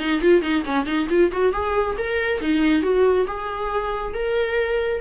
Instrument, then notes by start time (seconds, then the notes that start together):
viola
0.00 D#4
0.22 F4
0.42 D#4
0.66 C#4
0.86 D#4
1.10 F4
1.32 F#4
1.53 G#4
1.98 A#4
2.42 D#4
2.83 F#4
3.27 G#4
4.14 A#4